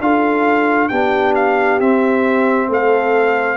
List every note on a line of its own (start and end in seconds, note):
0.00 0.90 D4
0.00 0.90 F4
0.00 0.90 A4
0.00 0.88 F5
0.88 1.80 B3
0.88 1.80 D4
0.88 2.69 G4
0.88 1.33 G5
1.35 1.79 F5
1.80 3.57 C4
1.80 2.68 C4
1.80 2.70 E5
2.68 3.57 A3
2.68 3.57 A4
2.68 3.57 F5